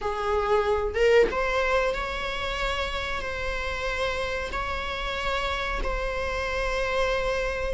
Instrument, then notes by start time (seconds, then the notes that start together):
viola
0.01 G#4
0.94 A#4
1.31 C5
1.94 C#5
3.21 C5
4.52 C#5
5.83 C5